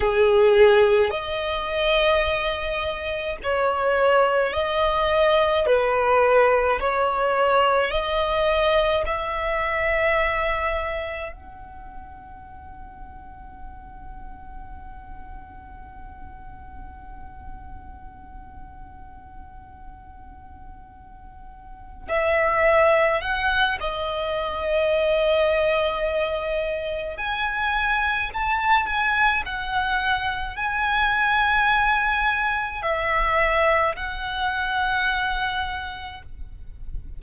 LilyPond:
\new Staff \with { instrumentName = "violin" } { \time 4/4 \tempo 4 = 53 gis'4 dis''2 cis''4 | dis''4 b'4 cis''4 dis''4 | e''2 fis''2~ | fis''1~ |
fis''2.~ fis''8 e''8~ | e''8 fis''8 dis''2. | gis''4 a''8 gis''8 fis''4 gis''4~ | gis''4 e''4 fis''2 | }